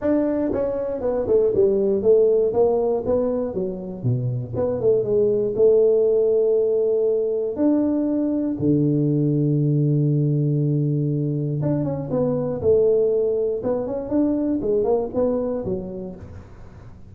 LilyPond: \new Staff \with { instrumentName = "tuba" } { \time 4/4 \tempo 4 = 119 d'4 cis'4 b8 a8 g4 | a4 ais4 b4 fis4 | b,4 b8 a8 gis4 a4~ | a2. d'4~ |
d'4 d2.~ | d2. d'8 cis'8 | b4 a2 b8 cis'8 | d'4 gis8 ais8 b4 fis4 | }